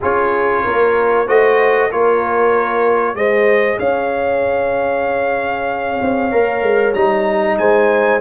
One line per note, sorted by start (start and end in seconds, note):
0.00 0.66 C#4
0.00 1.27 F4
0.00 0.63 G#4
0.00 1.27 C#5
0.64 1.28 A#3
0.64 1.26 A#4
1.26 1.91 A3
1.26 1.90 F#4
1.26 1.89 C5
1.26 1.91 D#5
1.90 3.14 A#3
1.90 3.15 F4
1.90 3.16 A#4
1.90 3.15 C#5
3.14 3.77 G#3
3.14 6.31 G#4
3.14 3.79 C5
3.14 3.78 D#5
3.78 5.99 C#4
3.78 7.58 C#5
3.78 6.94 F5
6.01 6.32 C4
6.31 6.62 A#3
6.31 6.94 A#4
6.62 6.93 G#3
6.93 7.57 G3
6.93 8.20 D#4
6.93 7.57 A#5
7.57 8.20 G#3
7.57 8.20 C5
7.57 8.20 G#5